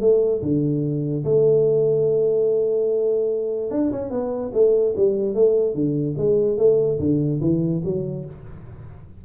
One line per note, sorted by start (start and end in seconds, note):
0.00 0.41 A3
0.41 1.24 D3
1.24 3.70 A3
3.70 3.91 D4
3.91 4.10 C#4
4.10 4.51 B3
4.53 4.94 A3
4.96 5.34 G3
5.34 5.74 A3
5.74 6.15 D3
6.17 6.57 G#3
6.57 6.98 A3
6.99 7.40 D3
7.40 7.81 E3
7.84 8.25 F#3